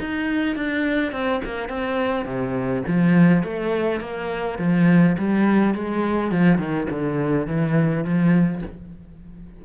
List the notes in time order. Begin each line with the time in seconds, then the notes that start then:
0.00 D#4
0.56 D4
1.12 C4
1.45 A#3
1.69 C4
2.26 C3
2.88 F3
3.44 A3
4.01 A#3
4.59 F3
5.18 G3
5.75 G#3
6.31 F3
6.58 D#3
6.90 D3
7.47 E3
8.05 F3